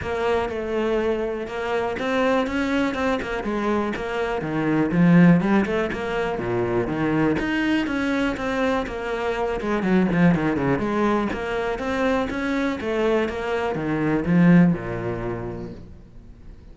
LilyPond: \new Staff \with { instrumentName = "cello" } { \time 4/4 \tempo 4 = 122 ais4 a2 ais4 | c'4 cis'4 c'8 ais8 gis4 | ais4 dis4 f4 g8 a8 | ais4 ais,4 dis4 dis'4 |
cis'4 c'4 ais4. gis8 | fis8 f8 dis8 cis8 gis4 ais4 | c'4 cis'4 a4 ais4 | dis4 f4 ais,2 | }